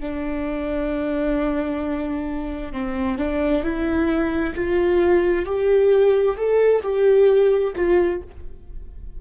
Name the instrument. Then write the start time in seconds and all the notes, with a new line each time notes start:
viola
0.00 D4
2.72 C4
3.18 D4
3.63 E4
4.55 F4
5.45 G4
6.37 A4
6.83 G4
7.76 F4